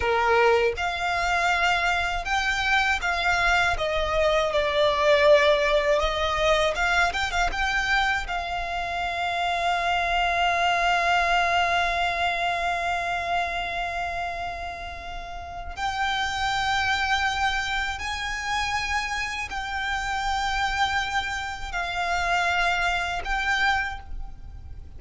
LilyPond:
\new Staff \with { instrumentName = "violin" } { \time 4/4 \tempo 4 = 80 ais'4 f''2 g''4 | f''4 dis''4 d''2 | dis''4 f''8 g''16 f''16 g''4 f''4~ | f''1~ |
f''1~ | f''4 g''2. | gis''2 g''2~ | g''4 f''2 g''4 | }